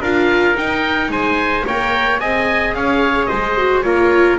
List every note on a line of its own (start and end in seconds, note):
0.00 0.55 D4
0.00 0.55 F4
0.00 1.10 A#4
0.00 0.57 F5
0.55 1.64 D#4
0.55 1.09 D#4
0.55 1.11 G5
1.09 1.63 G#3
1.09 1.65 C5
1.09 1.66 G#5
1.65 2.21 A#3
1.65 2.20 A#4
1.65 2.20 C#5
1.65 2.20 G5
2.20 2.73 C4
2.20 3.57 G#4
2.20 2.74 D#5
2.20 2.74 G#5
2.73 3.28 C#4
2.73 3.29 C#5
2.73 3.25 F5
3.25 3.83 G#3
3.25 3.83 C5
3.25 3.80 D#5
3.57 3.84 F#4
3.82 4.38 A#3
3.82 4.38 F4
3.82 4.39 A#4
3.82 4.36 C#5